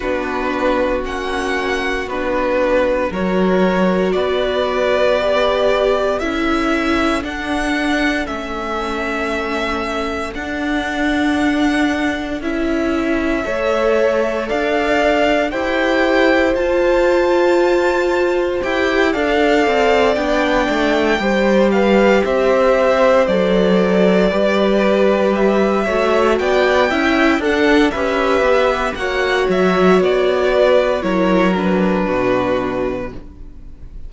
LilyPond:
<<
  \new Staff \with { instrumentName = "violin" } { \time 4/4 \tempo 4 = 58 b'4 fis''4 b'4 cis''4 | d''2 e''4 fis''4 | e''2 fis''2 | e''2 f''4 g''4 |
a''2 g''8 f''4 g''8~ | g''4 f''8 e''4 d''4.~ | d''8 e''4 g''4 fis''8 e''4 | fis''8 e''8 d''4 cis''8 b'4. | }
  \new Staff \with { instrumentName = "violin" } { \time 4/4 fis'2. ais'4 | b'2 a'2~ | a'1~ | a'4 cis''4 d''4 c''4~ |
c''2~ c''8 d''4.~ | d''8 c''8 b'8 c''2 b'8~ | b'4 cis''8 d''8 e''8 a'8 b'4 | cis''4. b'8 ais'4 fis'4 | }
  \new Staff \with { instrumentName = "viola" } { \time 4/4 d'4 cis'4 d'4 fis'4~ | fis'4 g'4 e'4 d'4 | cis'2 d'2 | e'4 a'2 g'4 |
f'2 g'8 a'4 d'8~ | d'8 g'2 a'4 g'8~ | g'4 fis'4 e'8 d'8 g'4 | fis'2 e'8 d'4. | }
  \new Staff \with { instrumentName = "cello" } { \time 4/4 b4 ais4 b4 fis4 | b2 cis'4 d'4 | a2 d'2 | cis'4 a4 d'4 e'4 |
f'2 e'8 d'8 c'8 b8 | a8 g4 c'4 fis4 g8~ | g4 a8 b8 cis'8 d'8 cis'8 b8 | ais8 fis8 b4 fis4 b,4 | }
>>